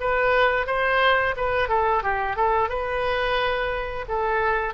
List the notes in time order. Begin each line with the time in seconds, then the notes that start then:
0.00 B4
0.66 C5
1.36 B4
1.68 A4
2.03 G4
2.36 A4
2.69 B4
4.08 A4